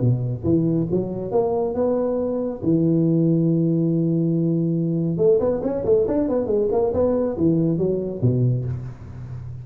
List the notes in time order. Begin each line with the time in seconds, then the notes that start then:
0.00 B2
0.44 E3
0.91 F#3
1.31 A#3
1.74 B3
2.62 E3
5.17 A3
5.39 B3
5.63 C#4
5.85 A3
6.07 D4
6.28 B3
6.46 G#3
6.71 A#3
6.93 B3
7.37 E3
7.78 F#3
8.22 B2